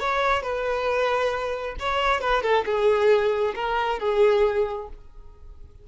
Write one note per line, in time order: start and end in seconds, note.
0.00 0.43 C#5
0.43 1.76 B4
1.79 2.21 C#5
2.21 2.42 B4
2.42 2.65 A4
2.65 3.54 G#4
3.55 4.00 A#4
4.00 4.88 G#4